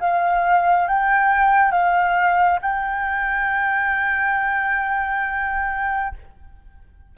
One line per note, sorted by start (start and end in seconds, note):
0.00 0.88 F5
0.88 1.72 G5
1.72 2.60 F5
2.62 6.15 G5